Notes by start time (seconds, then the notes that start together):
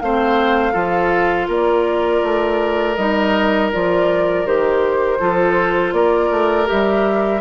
0.00 A3 C4 C5 F5
0.72 F3 F4 A4
1.48 A#3 A#4 D5
2.23 A3
2.96 G3 D#4 D#5
3.71 F3 F4 D5
4.45 D#3 G4 C5
5.19 F3 F4 A4
5.92 A#3 A#4 D5
6.31 A3
6.65 G4 E5
6.71 G3